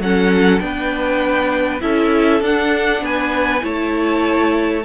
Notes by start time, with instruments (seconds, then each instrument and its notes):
0.00 cello F#3, viola C#4, violin A4 F#5
0.60 cello B3, viola D4, violin B4 G5
1.81 cello C#4, viola E4, violin A4 E5
2.41 cello D4, viola D4, violin F#5
3.02 cello B3, violin B4 G#5
3.61 cello A3, viola E4, violin C#5 A5